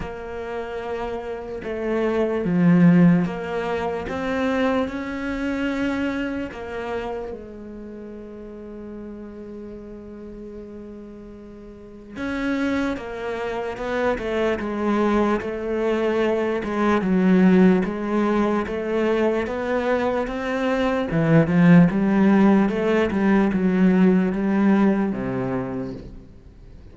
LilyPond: \new Staff \with { instrumentName = "cello" } { \time 4/4 \tempo 4 = 74 ais2 a4 f4 | ais4 c'4 cis'2 | ais4 gis2.~ | gis2. cis'4 |
ais4 b8 a8 gis4 a4~ | a8 gis8 fis4 gis4 a4 | b4 c'4 e8 f8 g4 | a8 g8 fis4 g4 c4 | }